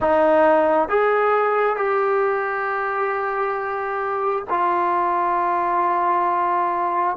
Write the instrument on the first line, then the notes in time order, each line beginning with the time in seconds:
trombone
0.00 D#4
0.88 G#4
1.76 G4
4.49 F4